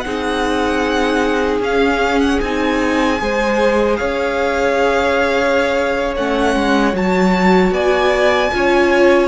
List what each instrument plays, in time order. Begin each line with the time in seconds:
0.00 cello C4, viola D#4, violin G#4 F#5
1.60 cello C#4, viola C#4, violin F5
2.20 violin F#5
2.41 cello C4, viola D#4, violin G#5
3.18 cello G#3, viola G#4, violin C5
3.96 cello C#4, violin C#5 F5
6.16 cello A3, viola C#4, violin F#5
6.55 cello G#3
6.92 cello F#3, viola F#4, violin A5
7.71 cello B3, violin D5 G#5
8.51 cello C#4, viola F4, violin C#5